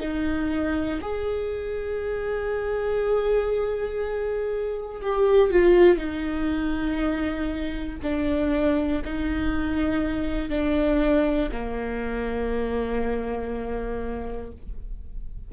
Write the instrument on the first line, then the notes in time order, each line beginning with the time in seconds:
viola
0.00 D#4
1.01 G#4
5.01 G4
5.50 F4
5.97 D#4
8.03 D4
9.05 D#4
10.50 D4
11.51 A#3